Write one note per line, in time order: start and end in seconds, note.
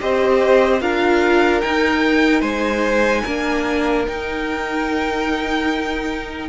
0.00 0.82 C4
0.00 0.81 G4
0.00 0.82 C5
0.00 0.81 D#5
0.81 1.63 D4
0.81 1.62 F4
0.81 2.41 A#4
0.81 1.61 F5
1.61 3.26 D#4
1.61 2.42 D#4
1.61 2.42 G5
2.41 3.23 G#3
2.41 3.22 C5
2.41 4.04 G#5
3.24 4.07 A#3
3.24 4.07 D4
3.24 6.48 A#4
4.07 6.49 D#4
4.07 6.49 G5